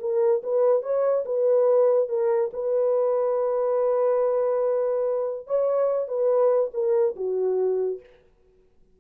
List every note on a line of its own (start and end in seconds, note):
0.00 0.42 A#4
0.43 0.83 B4
0.83 1.25 C#5
1.25 2.09 B4
2.09 2.51 A#4
2.53 5.47 B4
5.47 6.08 C#5
6.08 6.71 B4
6.74 7.16 A#4
7.16 8.00 F#4